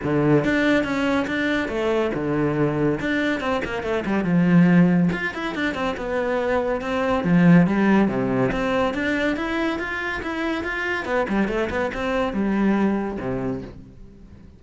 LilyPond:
\new Staff \with { instrumentName = "cello" } { \time 4/4 \tempo 4 = 141 d4 d'4 cis'4 d'4 | a4 d2 d'4 | c'8 ais8 a8 g8 f2 | f'8 e'8 d'8 c'8 b2 |
c'4 f4 g4 c4 | c'4 d'4 e'4 f'4 | e'4 f'4 b8 g8 a8 b8 | c'4 g2 c4 | }